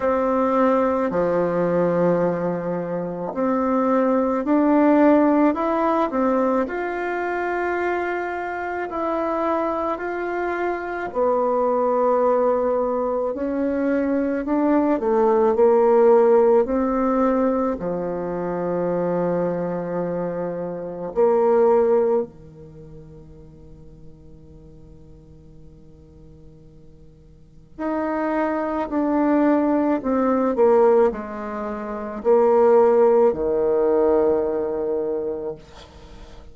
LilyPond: \new Staff \with { instrumentName = "bassoon" } { \time 4/4 \tempo 4 = 54 c'4 f2 c'4 | d'4 e'8 c'8 f'2 | e'4 f'4 b2 | cis'4 d'8 a8 ais4 c'4 |
f2. ais4 | dis1~ | dis4 dis'4 d'4 c'8 ais8 | gis4 ais4 dis2 | }